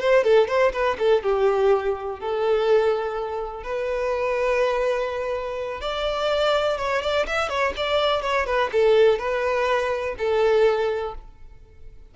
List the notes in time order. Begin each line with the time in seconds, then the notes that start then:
0.00 C5
0.24 A4
0.48 C5
0.73 B4
0.99 A4
1.23 G4
2.20 A4
3.63 B4
5.81 D5
6.77 C#5
7.02 D5
7.27 E5
7.49 C#5
7.77 D5
8.22 C#5
8.46 B4
8.72 A4
9.18 B4
10.18 A4